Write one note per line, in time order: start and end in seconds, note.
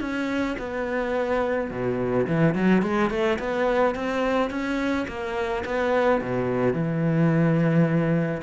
0.00 0.56 C#4
0.58 1.71 B3
1.71 2.27 B2
2.27 2.55 E3
2.55 2.82 F#3
2.82 3.10 G#3
3.10 3.38 A3
3.39 3.95 B3
3.95 4.50 C4
4.50 5.06 C#4
5.08 5.64 A#3
5.65 6.21 B3
6.21 6.73 B2
6.73 8.42 E3